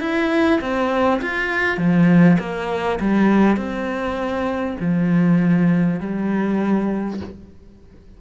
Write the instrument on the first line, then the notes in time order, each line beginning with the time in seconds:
cello
0.00 E4
0.61 C4
1.21 F4
1.77 F3
2.39 A#3
3.00 G3
3.57 C4
4.80 F3
6.00 G3